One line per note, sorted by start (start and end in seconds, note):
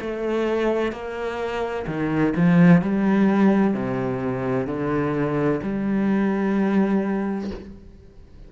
0.00 0.91 A3
0.91 1.85 A#3
1.87 2.34 D#3
2.36 2.81 F3
2.81 3.73 G3
3.73 4.66 C3
4.66 5.60 D3
5.62 7.50 G3